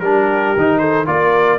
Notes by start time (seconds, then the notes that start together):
0.00 G3 D4 G4 A#4
0.56 D#3 D#4
0.78 A4 C5
1.06 A#3 F4 A#4 D5